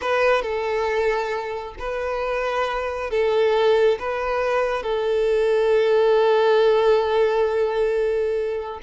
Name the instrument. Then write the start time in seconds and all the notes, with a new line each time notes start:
violin
0.01 B4
0.42 A4
1.79 B4
3.10 A4
3.99 B4
4.82 A4